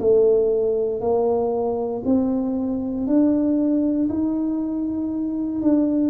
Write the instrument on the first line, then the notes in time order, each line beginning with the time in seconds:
tuba
0.00 A3
1.01 A#3
2.05 C4
3.07 D4
4.09 D#4
5.62 D4